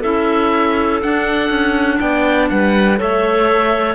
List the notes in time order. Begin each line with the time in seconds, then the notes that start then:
0.00 C#4 E4 A4 E5
1.02 D4 F#5
1.50 C#4
2.00 B3 D5 G5
2.49 G3 B4 F#5
2.97 A3 A4 C#5 E5